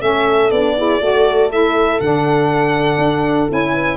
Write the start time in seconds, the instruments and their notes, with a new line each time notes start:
0.00 tuba A3, saxophone C#4, horn A4, violin E5
0.51 tuba B3, saxophone D4, violin D5
0.78 saxophone E4, horn G#4
1.00 tuba A3, saxophone F#4, horn A4
1.50 saxophone E4, violin E5
2.00 tuba D3, saxophone D4, violin F#5
2.98 tuba D4
3.50 tuba C#4, saxophone E4, violin G#5
3.73 horn B4